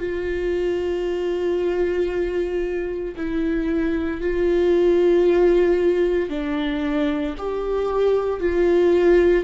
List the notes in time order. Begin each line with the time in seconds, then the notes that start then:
0.00 F4
3.17 E4
4.22 F4
6.30 D4
7.38 G4
8.41 F4